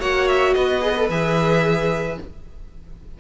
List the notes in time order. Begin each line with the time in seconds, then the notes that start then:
0.00 A#3 F#4 C#5 F#5
0.29 E5
0.54 B3 B4 D#5
0.81 G#4
0.97 A4
1.09 E3 G#4 E5